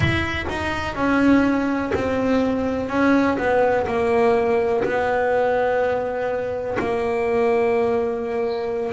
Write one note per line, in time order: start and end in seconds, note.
0.00 0.45 E4
0.49 0.95 D#4
0.95 1.92 C#4
1.94 2.89 C4
2.89 3.37 C#4
3.37 3.86 B3
3.86 4.83 A#3
4.84 6.77 B3
6.79 8.93 A#3